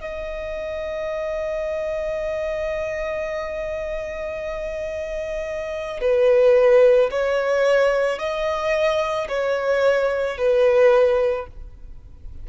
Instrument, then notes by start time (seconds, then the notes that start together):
violin
0.00 D#5
6.00 B4
7.11 C#5
8.18 D#5
9.28 C#5
10.37 B4